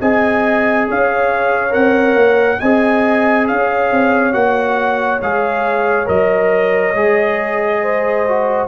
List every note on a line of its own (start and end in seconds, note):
0.00 0.88 C4
0.00 1.70 G#4
0.00 0.87 D#5
0.00 0.87 G#5
0.87 1.74 C#4
0.87 2.60 C#5
0.87 1.73 F5
1.70 2.15 C4
1.70 2.57 A#4
1.70 2.59 F#5
2.15 2.58 A#3
2.59 3.49 C4
2.59 4.32 G#4
2.59 3.47 D#5
2.59 3.46 G#5
3.47 3.91 C#4
3.47 7.82 C#5
3.47 4.33 F5
3.91 4.34 C4
4.32 5.20 A#3
4.32 5.19 F#4
4.32 5.20 F#5
5.21 6.08 G#3
5.21 6.06 G#4
5.21 6.08 F5
6.06 6.94 F#3
6.06 6.93 A#4
6.06 8.68 D#5
6.94 8.68 G#3
6.94 8.26 G#4
7.82 8.68 C5
8.28 8.68 F#4